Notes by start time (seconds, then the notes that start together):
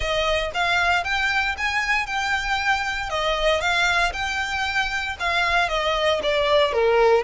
0.00 D#5
0.54 F5
1.03 G5
1.57 G#5
2.06 G5
3.09 D#5
3.60 F5
4.12 G5
5.19 F5
5.68 D#5
6.23 D5
6.72 A#4